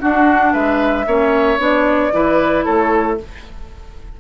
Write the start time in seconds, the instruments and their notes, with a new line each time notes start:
0.00 clarinet D4, bassoon D4, oboe F#4, flute F#5
0.53 bassoon G#3, oboe B4, flute E5
1.07 bassoon A#3, clarinet C#4, oboe C#5
1.59 bassoon B3, clarinet D4, flute D5
2.12 bassoon E3, clarinet E4, oboe B4
2.65 bassoon A3, oboe A4, flute C#5